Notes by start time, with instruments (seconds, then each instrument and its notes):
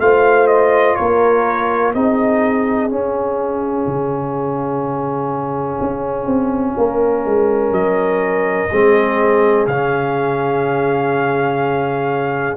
0.00 tuba A3, trombone F4, horn C5, trumpet F5
0.47 trumpet D#5
0.96 tuba A#3, horn A#4, trumpet C#5
1.94 tuba C4, trombone D#4, horn G#4, trumpet D#5
2.89 trombone C#4, tuba C#4, trumpet F5
3.87 tuba C#3
5.81 tuba C#4
6.26 tuba C4
6.78 tuba A#3, horn A#4
7.26 tuba G#3
7.71 tuba F#3, trumpet D#5
8.72 tuba G#3, trombone C4, horn G#4
9.67 tuba C#3, trombone C#4, trumpet F5